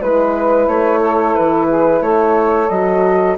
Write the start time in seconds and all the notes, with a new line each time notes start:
0.00 G#3 E4 B4
0.67 A3 C#5
0.99 A4
1.35 E3 B4
1.67 G#4
2.01 A3 A4 C#5
2.69 F#3 F#4 D#5